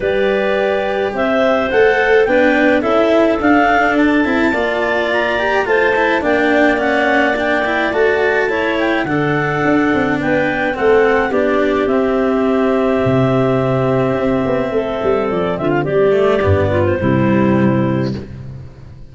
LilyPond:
<<
  \new Staff \with { instrumentName = "clarinet" } { \time 4/4 \tempo 4 = 106 d''2 e''4 fis''4 | g''4 e''4 f''4 a''4~ | a''4 ais''4 a''4 g''4 | fis''4 g''4 a''4. g''8 |
fis''2 g''4 fis''4 | d''4 e''2.~ | e''2. d''8 e''16 f''16 | d''4.~ d''16 c''2~ c''16 | }
  \new Staff \with { instrumentName = "clarinet" } { \time 4/4 b'2 c''2 | b'4 a'2. | d''2 c''4 d''4~ | d''2. cis''4 |
a'2 b'4 a'4 | g'1~ | g'2 a'4. f'8 | g'4. f'8 e'2 | }
  \new Staff \with { instrumentName = "cello" } { \time 4/4 g'2. a'4 | d'4 e'4 d'4. e'8 | f'4. g'8 f'8 e'8 d'4 | cis'4 d'8 e'8 fis'4 e'4 |
d'2. c'4 | d'4 c'2.~ | c'1~ | c'8 a8 b4 g2 | }
  \new Staff \with { instrumentName = "tuba" } { \time 4/4 g2 c'4 a4 | b4 cis'4 d'4. c'8 | ais2 a4 ais4~ | ais2 a2 |
d4 d'8 c'8 b4 a4 | b4 c'2 c4~ | c4 c'8 b8 a8 g8 f8 d8 | g4 g,4 c2 | }
>>